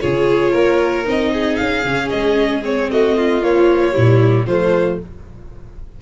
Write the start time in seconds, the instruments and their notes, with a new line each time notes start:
0.00 tuba C#3, viola F4, violin G#4 C#5
0.52 tuba A#3, violin A#4
1.04 tuba C4, viola D#4, violin D#5
1.33 violin G#4
1.56 tuba C#4, violin F5
1.83 tuba C#3, viola C#4
2.09 tuba G#3, violin D#5
2.62 viola C4, violin C#5
2.90 tuba A3, violin F#4 D#5
3.17 violin F4
3.42 viola F3, tuba A#3, violin C#5
3.92 tuba A#2, viola G3, violin E4
4.46 tuba F3, viola A3, violin F4 C5